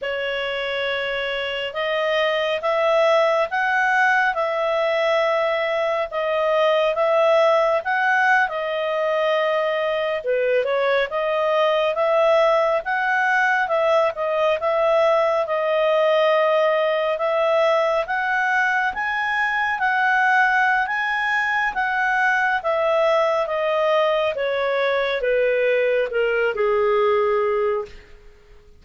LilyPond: \new Staff \with { instrumentName = "clarinet" } { \time 4/4 \tempo 4 = 69 cis''2 dis''4 e''4 | fis''4 e''2 dis''4 | e''4 fis''8. dis''2 b'16~ | b'16 cis''8 dis''4 e''4 fis''4 e''16~ |
e''16 dis''8 e''4 dis''2 e''16~ | e''8. fis''4 gis''4 fis''4~ fis''16 | gis''4 fis''4 e''4 dis''4 | cis''4 b'4 ais'8 gis'4. | }